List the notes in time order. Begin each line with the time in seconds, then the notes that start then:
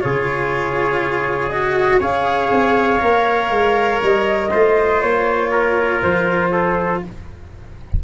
0.00 C#3 F4 G#4 C#5
1.49 F#4 D#5
1.99 C#4 G#4 C#5 F5
2.51 C4
2.99 A#3 A#4
3.49 G#3
4.02 G3 D#5
4.50 A3 F4 C5
5.01 A#3 C#5
5.51 A#4
6.02 F3 C5
6.51 A4